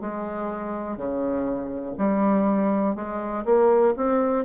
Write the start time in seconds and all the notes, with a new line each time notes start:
0.00 G#3
0.97 C#3
1.97 G3
2.95 G#3
3.45 A#3
3.96 C4